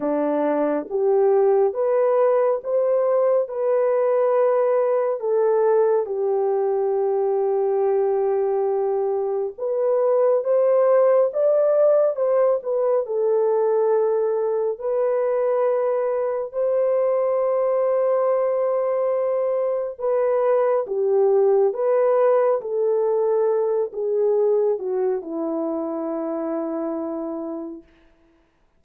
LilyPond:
\new Staff \with { instrumentName = "horn" } { \time 4/4 \tempo 4 = 69 d'4 g'4 b'4 c''4 | b'2 a'4 g'4~ | g'2. b'4 | c''4 d''4 c''8 b'8 a'4~ |
a'4 b'2 c''4~ | c''2. b'4 | g'4 b'4 a'4. gis'8~ | gis'8 fis'8 e'2. | }